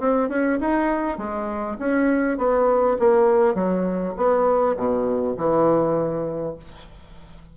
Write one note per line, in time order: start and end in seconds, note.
0.00 0.29 C4
0.29 0.59 C#4
0.60 1.18 D#4
1.18 1.77 G#3
1.79 2.38 C#4
2.38 2.97 B3
2.99 3.55 A#3
3.55 4.14 F#3
4.17 4.76 B3
4.77 5.36 B2
5.37 6.56 E3